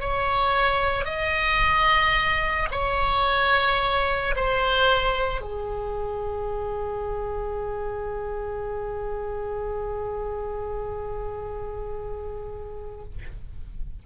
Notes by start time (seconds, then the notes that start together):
0.00 C#5
1.05 D#5
2.71 C#5
4.35 C5
5.40 G#4